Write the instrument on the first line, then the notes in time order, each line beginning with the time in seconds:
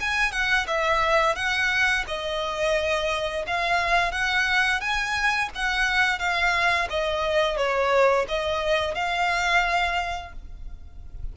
violin
0.00 G#5
0.32 F#5
0.67 E5
1.35 F#5
2.07 D#5
3.47 F5
4.12 F#5
4.81 G#5
5.55 F#5
6.19 F5
6.89 D#5
7.57 C#5
8.28 D#5
8.95 F5